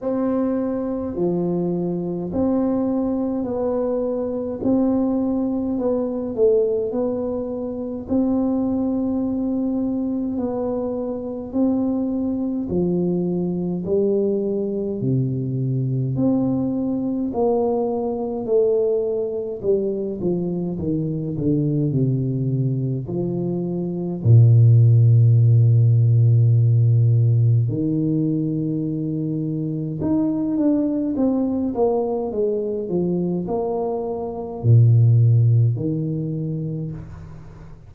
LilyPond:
\new Staff \with { instrumentName = "tuba" } { \time 4/4 \tempo 4 = 52 c'4 f4 c'4 b4 | c'4 b8 a8 b4 c'4~ | c'4 b4 c'4 f4 | g4 c4 c'4 ais4 |
a4 g8 f8 dis8 d8 c4 | f4 ais,2. | dis2 dis'8 d'8 c'8 ais8 | gis8 f8 ais4 ais,4 dis4 | }